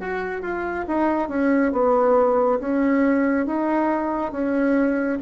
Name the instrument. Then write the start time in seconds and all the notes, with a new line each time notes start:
bassoon
0.00 F#4
0.42 F4
0.88 D#4
1.29 C#4
1.73 B3
2.60 C#4
3.47 D#4
4.32 C#4